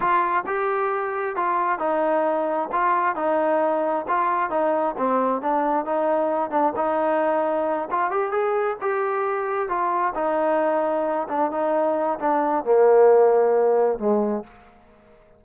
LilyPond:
\new Staff \with { instrumentName = "trombone" } { \time 4/4 \tempo 4 = 133 f'4 g'2 f'4 | dis'2 f'4 dis'4~ | dis'4 f'4 dis'4 c'4 | d'4 dis'4. d'8 dis'4~ |
dis'4. f'8 g'8 gis'4 g'8~ | g'4. f'4 dis'4.~ | dis'4 d'8 dis'4. d'4 | ais2. gis4 | }